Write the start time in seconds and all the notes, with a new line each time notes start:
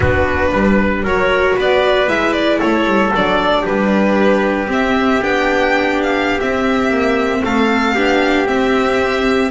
0.00 B3 D4 F#4 B4
0.52 G3 B4
1.03 F#3 F#4 A#4 C#5
1.56 B3 B4 D5
2.07 G#3 E4 E5
2.32 D5
2.58 A3 A4 C#5
2.85 G3
3.15 F#3 D4 D5
3.61 G4 B4
3.68 G3
4.67 C4 E5
5.22 B3 D4 G5
6.02 F5
6.40 C4 E5
6.90 A#3
7.43 A3 A4 F5
7.94 B3 D4 G4
8.45 C4 E5